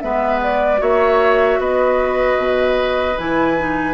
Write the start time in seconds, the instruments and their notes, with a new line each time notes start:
0.00 bassoon G#3, clarinet B3, oboe B4, flute E5
0.43 flute D5
0.78 bassoon A#3, clarinet F#4, oboe C#5, flute E5
1.59 bassoon B3, oboe B4, flute D#5
2.37 bassoon B2
3.18 bassoon E3, clarinet E4, flute G#5
3.58 clarinet D#4